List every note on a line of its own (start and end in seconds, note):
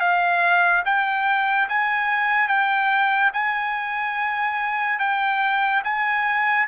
0.00 0.83 F5
0.85 1.69 G5
1.69 2.48 G#5
2.48 3.31 G5
3.33 4.99 G#5
4.99 5.82 G5
5.84 6.67 G#5